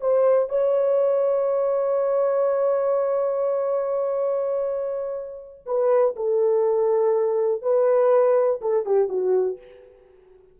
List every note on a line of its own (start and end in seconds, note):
0.00 0.49 C5
0.49 5.65 C#5
5.66 6.15 B4
6.16 7.62 A4
7.62 8.60 B4
8.61 8.85 A4
8.85 9.09 G4
9.09 9.58 F#4